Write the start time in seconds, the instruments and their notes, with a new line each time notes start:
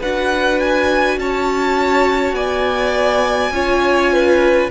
0.00 cello D4, viola F#4, violin B4 F#5
0.60 violin G#5
1.18 cello C#4, violin C#5 A5
2.33 cello B3, violin D5 G#5
3.51 cello C#4, viola F4, violin C#5
4.13 violin B4